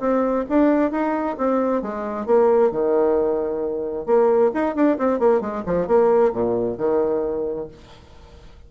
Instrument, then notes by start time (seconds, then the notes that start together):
bassoon
0.00 C4
0.50 D4
0.92 D#4
1.38 C4
1.83 G#3
2.26 A#3
2.72 D#3
4.06 A#3
4.54 D#4
4.76 D4
4.98 C4
5.19 A#3
5.41 G#3
5.66 F3
5.88 A#3
6.33 A#2
6.78 D#3